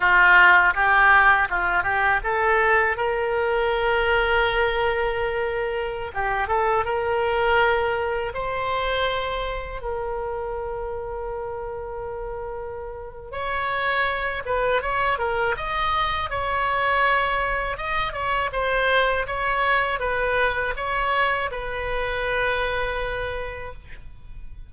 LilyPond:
\new Staff \with { instrumentName = "oboe" } { \time 4/4 \tempo 4 = 81 f'4 g'4 f'8 g'8 a'4 | ais'1~ | ais'16 g'8 a'8 ais'2 c''8.~ | c''4~ c''16 ais'2~ ais'8.~ |
ais'2 cis''4. b'8 | cis''8 ais'8 dis''4 cis''2 | dis''8 cis''8 c''4 cis''4 b'4 | cis''4 b'2. | }